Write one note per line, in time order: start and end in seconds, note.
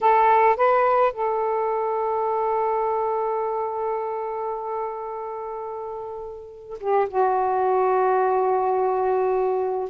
0.01 0.56 A4
0.56 1.12 B4
1.12 6.78 A4
6.80 7.08 G4
7.08 9.89 F#4